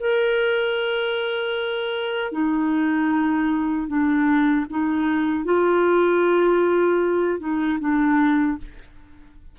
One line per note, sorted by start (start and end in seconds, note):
0.00 2.32 A#4
2.32 3.88 D#4
3.88 4.66 D4
4.70 5.45 D#4
5.45 7.40 F4
7.40 7.79 D#4
7.80 8.58 D4